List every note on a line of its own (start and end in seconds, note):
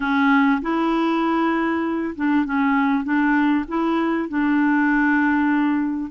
0.00 0.61 C#4
0.61 2.14 E4
2.15 2.45 D4
2.45 3.04 C#4
3.04 3.65 D4
3.68 4.29 E4
4.29 6.11 D4